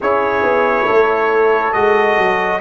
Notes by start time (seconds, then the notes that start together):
0.00 C#4 E4 G#4 C#5
0.43 B3
0.87 A3 A4
1.72 G#3 F#4 D#5
2.17 F#3